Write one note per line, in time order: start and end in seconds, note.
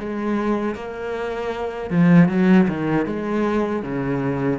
0.00 0.75 G#3
0.75 1.91 A#3
1.91 2.29 F3
2.29 2.67 F#3
2.69 3.06 D#3
3.06 3.83 G#3
3.83 4.59 C#3